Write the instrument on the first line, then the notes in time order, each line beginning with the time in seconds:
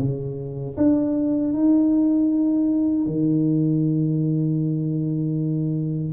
tuba
0.00 C#3
0.77 D4
1.54 D#4
3.07 D#3